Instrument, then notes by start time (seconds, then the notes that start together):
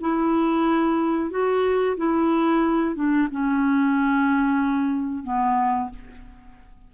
clarinet
0.00 E4
1.30 F#4
1.96 E4
2.95 D4
3.31 C#4
5.23 B3